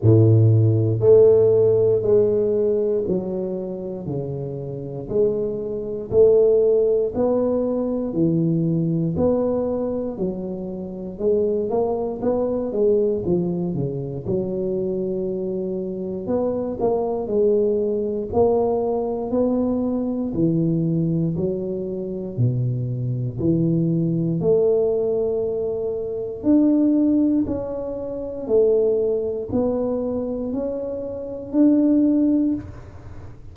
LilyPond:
\new Staff \with { instrumentName = "tuba" } { \time 4/4 \tempo 4 = 59 a,4 a4 gis4 fis4 | cis4 gis4 a4 b4 | e4 b4 fis4 gis8 ais8 | b8 gis8 f8 cis8 fis2 |
b8 ais8 gis4 ais4 b4 | e4 fis4 b,4 e4 | a2 d'4 cis'4 | a4 b4 cis'4 d'4 | }